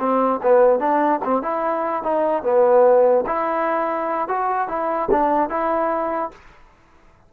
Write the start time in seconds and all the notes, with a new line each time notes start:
0.00 C4
0.43 B3
0.80 D4
1.24 C4
1.43 E4
2.03 D#4
2.43 B3
3.27 E4
4.29 F#4
4.69 E4
5.12 D4
5.50 E4